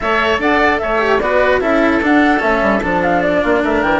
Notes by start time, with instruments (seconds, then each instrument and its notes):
0.00 bassoon A3, cello A4, oboe C#5, flute E5
0.39 bassoon D4, oboe D5, flute F#5
0.78 bassoon A3, oboe C#5, flute E5
0.98 cello G4
1.19 bassoon B3, cello F#4, oboe B4, flute D5
1.60 bassoon C#4, cello E4, oboe A4, flute E5
2.02 cello D4, bassoon D4, flute F#5
2.39 bassoon A3, cello C#4, flute E5
2.61 bassoon G3
2.82 bassoon F3, cello D4, flute A5
3.02 flute F5
3.22 flute D5
3.41 bassoon A#3, oboe F4
3.63 bassoon A3, oboe A#4, flute E5
3.82 bassoon E3, flute G5